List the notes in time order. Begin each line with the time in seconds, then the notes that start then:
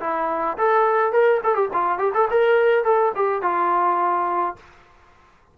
0.00 E4
0.57 A4
1.12 A#4
1.44 A4
1.55 G4
1.73 F4
1.98 G4
2.14 A4
2.30 A#4
2.84 A4
3.15 G4
3.42 F4